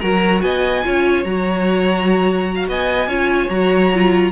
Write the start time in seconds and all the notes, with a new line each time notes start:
0.00 F#3 F#4 A#4 A#5
0.42 B3 D#5 G#5
0.84 C#4 F4 C#5
1.24 F#3 F#4 A#5
2.55 F5
2.68 B3 D#5 G#5
3.07 C#4 F4 C#5
3.49 F#3 F#4 A#5
3.94 F4